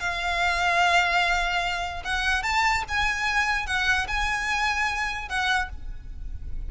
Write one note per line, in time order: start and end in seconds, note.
0.00 2.03 F5
2.04 2.43 F#5
2.43 2.83 A5
2.88 3.66 G#5
3.66 4.07 F#5
4.08 5.29 G#5
5.29 5.69 F#5